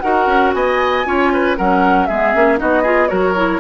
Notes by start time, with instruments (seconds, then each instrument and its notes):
0.00 bassoon D#4, clarinet F#4, oboe A#4, flute F#5
0.26 bassoon C#4
0.54 bassoon B3, oboe D#5, flute G#5
1.05 bassoon C#4, clarinet F4, oboe C#5
1.33 oboe B4
1.57 bassoon F#3, clarinet C#4, oboe A#4, flute F#5
2.06 bassoon G#3, clarinet B3, oboe G#4, flute E5
2.35 bassoon A#3, clarinet C#4
2.58 bassoon B3, clarinet D#4, oboe F#4, flute D#5
2.83 clarinet F4, oboe G#4
3.07 bassoon F#3, clarinet F#4, oboe A#4, flute C#5
3.36 clarinet E4